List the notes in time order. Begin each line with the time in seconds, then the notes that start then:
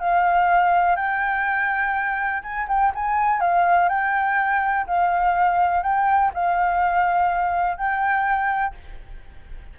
0.00 F5
0.96 G5
2.43 G#5
2.68 G5
2.95 G#5
3.41 F5
3.89 G5
4.87 F5
5.83 G5
6.34 F5
7.77 G5